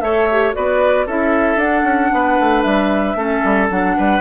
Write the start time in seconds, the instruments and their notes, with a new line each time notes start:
0.00 bassoon A3, clarinet A4, oboe C#5, flute E5
0.31 clarinet G4
0.53 bassoon B3, clarinet F#4, oboe B4, flute D5
1.06 bassoon C#4, clarinet E4, oboe A4, flute E5
1.56 bassoon D4, clarinet D4, flute F#5
1.83 bassoon C#4
2.12 bassoon B3, oboe B4
2.40 bassoon A3
2.62 bassoon G3, flute E5
3.15 bassoon A3, clarinet C#4, oboe A4
3.44 bassoon G3
3.70 bassoon F#3, clarinet D4, flute F#5
3.97 bassoon G3, oboe B4